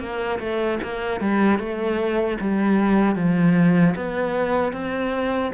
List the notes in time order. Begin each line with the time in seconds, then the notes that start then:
0.00 A#3
0.40 A3
0.83 A#3
1.21 G3
1.59 A3
2.41 G3
3.16 F3
3.96 B3
4.73 C4